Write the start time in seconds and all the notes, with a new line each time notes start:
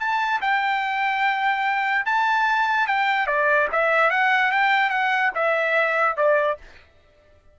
0.00 A5
0.41 G5
2.06 A5
2.87 G5
3.27 D5
3.72 E5
4.11 F#5
4.52 G5
4.90 F#5
5.35 E5
6.17 D5